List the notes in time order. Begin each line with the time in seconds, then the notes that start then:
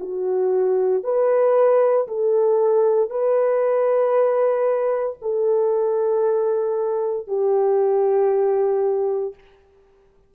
0.00 F#4
1.03 B4
2.07 A4
3.09 B4
5.21 A4
7.27 G4